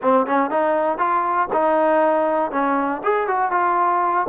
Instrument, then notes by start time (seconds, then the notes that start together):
trombone
0.02 C4
0.26 C#4
0.50 D#4
0.97 F4
1.52 D#4
2.51 C#4
3.03 G#4
3.27 F#4
3.51 F4